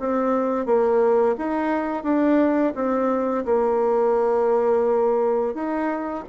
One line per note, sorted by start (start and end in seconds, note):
0.00 0.66 C4
0.66 1.36 A#3
1.38 2.04 D#4
2.04 2.74 D4
2.75 3.45 C4
3.45 5.55 A#3
5.55 6.24 D#4